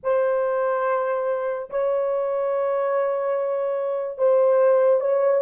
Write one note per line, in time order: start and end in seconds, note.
0.03 1.69 C5
1.69 4.17 C#5
4.17 5.00 C5
5.00 5.42 C#5